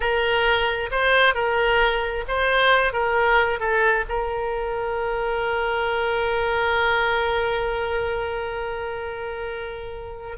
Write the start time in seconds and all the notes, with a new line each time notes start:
0.00 A#4
0.91 C5
1.34 A#4
2.28 C5
2.93 A#4
3.59 A4
4.08 A#4